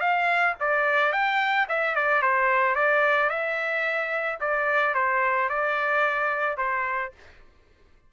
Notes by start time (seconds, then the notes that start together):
0.00 F5
0.60 D5
1.12 G5
1.69 E5
1.95 D5
2.22 C5
2.75 D5
3.30 E5
4.40 D5
4.94 C5
5.49 D5
6.57 C5